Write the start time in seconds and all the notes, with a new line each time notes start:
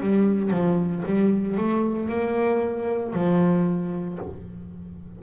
0.00 G3
0.50 F3
1.05 G3
1.57 A3
2.09 A#3
3.13 F3